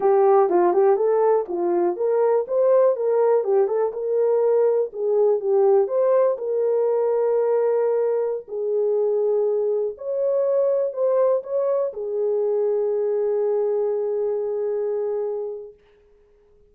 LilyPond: \new Staff \with { instrumentName = "horn" } { \time 4/4 \tempo 4 = 122 g'4 f'8 g'8 a'4 f'4 | ais'4 c''4 ais'4 g'8 a'8 | ais'2 gis'4 g'4 | c''4 ais'2.~ |
ais'4~ ais'16 gis'2~ gis'8.~ | gis'16 cis''2 c''4 cis''8.~ | cis''16 gis'2.~ gis'8.~ | gis'1 | }